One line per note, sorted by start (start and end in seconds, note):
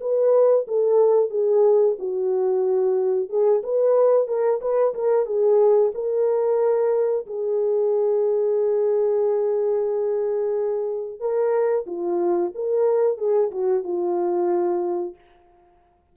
0.00 0.66 B4
0.67 1.30 A4
1.30 1.96 G#4
1.99 3.29 F#4
3.29 3.62 G#4
3.63 4.27 B4
4.27 4.60 A#4
4.61 4.94 B4
4.94 5.26 A#4
5.26 5.92 G#4
5.94 7.26 A#4
7.26 11.20 G#4
11.20 11.86 A#4
11.87 12.52 F4
12.55 13.17 A#4
13.17 13.50 G#4
13.51 13.83 F#4
13.83 15.15 F4